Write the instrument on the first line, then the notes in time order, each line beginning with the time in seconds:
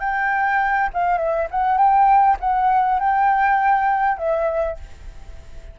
flute
0.00 G5
0.93 F5
1.18 E5
1.51 F#5
1.77 G5
2.40 F#5
2.99 G5
4.17 E5